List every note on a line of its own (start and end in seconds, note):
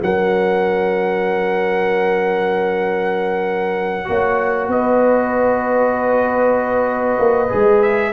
0.00 4.08 F#3
0.00 4.04 C#4
0.00 4.09 A#4
0.00 4.70 F#5
4.04 4.68 A#3
4.04 7.48 F#4
4.04 4.68 C#5
4.68 7.18 B3
4.68 8.12 B4
4.68 7.82 D#5
7.19 7.50 A#3
7.49 8.12 G#3
7.49 8.11 G#4
7.82 8.12 E5